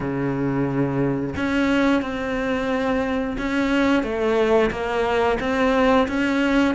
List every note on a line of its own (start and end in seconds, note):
0.00 1.35 C#3
1.36 2.01 C#4
2.01 3.36 C4
3.38 4.03 C#4
4.03 4.70 A3
4.70 5.38 A#3
5.40 6.07 C4
6.08 6.74 C#4